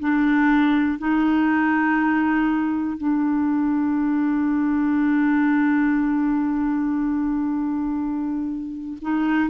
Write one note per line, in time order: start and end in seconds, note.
0.00 0.99 D4
0.99 2.98 D#4
2.98 8.98 D4
9.02 9.50 D#4